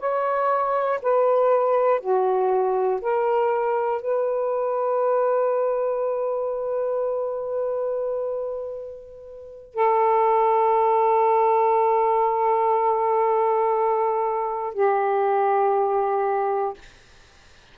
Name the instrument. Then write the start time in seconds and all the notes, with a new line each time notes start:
saxophone
0.00 C#5
1.03 B4
2.01 F#4
3.02 A#4
4.02 B4
9.75 A4
14.74 G4